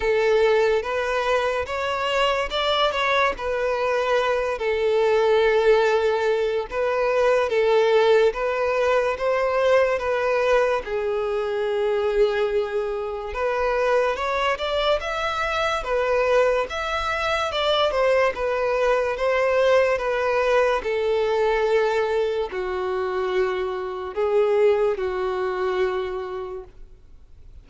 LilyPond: \new Staff \with { instrumentName = "violin" } { \time 4/4 \tempo 4 = 72 a'4 b'4 cis''4 d''8 cis''8 | b'4. a'2~ a'8 | b'4 a'4 b'4 c''4 | b'4 gis'2. |
b'4 cis''8 d''8 e''4 b'4 | e''4 d''8 c''8 b'4 c''4 | b'4 a'2 fis'4~ | fis'4 gis'4 fis'2 | }